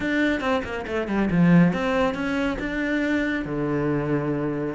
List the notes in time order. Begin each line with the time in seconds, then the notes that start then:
0.00 D4
0.40 C4
0.64 A#3
0.86 A3
1.07 G3
1.30 F3
1.73 C4
2.14 C#4
2.59 D4
3.45 D3